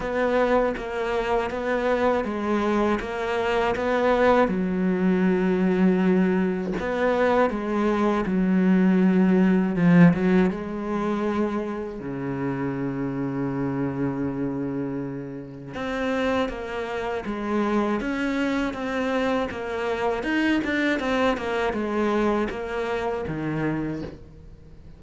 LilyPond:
\new Staff \with { instrumentName = "cello" } { \time 4/4 \tempo 4 = 80 b4 ais4 b4 gis4 | ais4 b4 fis2~ | fis4 b4 gis4 fis4~ | fis4 f8 fis8 gis2 |
cis1~ | cis4 c'4 ais4 gis4 | cis'4 c'4 ais4 dis'8 d'8 | c'8 ais8 gis4 ais4 dis4 | }